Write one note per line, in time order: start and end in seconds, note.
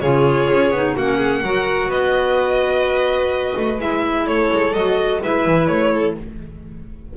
0.00 0.49 C#3
0.00 0.74 F4
0.00 0.96 G#4
0.00 0.94 C#5
0.51 0.71 C#4
0.71 0.94 B3
0.71 0.97 D#4
0.96 1.42 A#3
0.96 1.45 C#4
0.96 1.17 F#4
0.96 1.91 F#5
1.17 1.40 G#4
1.42 1.88 F#3
1.42 3.79 F#4
1.42 1.89 A#4
1.88 3.54 B3
1.88 4.25 B4
1.88 3.80 D#5
3.57 3.79 A3
3.79 4.26 G#3
3.79 4.74 E4
3.79 4.27 E5
4.26 4.49 A3
4.26 5.22 A4
4.26 4.74 C#5
4.52 4.74 G#3
4.74 5.21 F#3
4.74 5.21 F#4
4.74 5.21 D#5
5.22 5.45 G#3
5.22 6.17 E4
5.22 5.93 B4
5.22 5.67 E5
5.45 5.68 E3
5.67 6.16 A3
5.67 6.14 C#5
5.93 6.16 A4